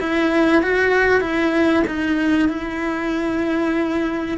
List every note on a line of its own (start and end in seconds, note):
0.00 0.63 E4
0.63 1.21 F#4
1.21 1.84 E4
1.87 2.49 D#4
2.49 4.38 E4